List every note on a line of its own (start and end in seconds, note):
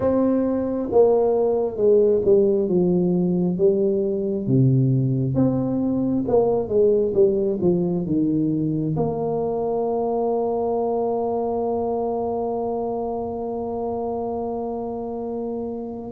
0.00 0.89 C4
0.91 1.76 A#3
1.76 2.21 G#3
2.24 2.68 G3
2.68 3.57 F3
3.57 4.46 G3
4.46 5.34 C3
5.34 6.24 C4
6.27 6.68 A#3
6.68 7.13 G#3
7.14 7.58 G3
7.61 8.06 F3
8.06 8.96 D#3
8.96 16.12 A#3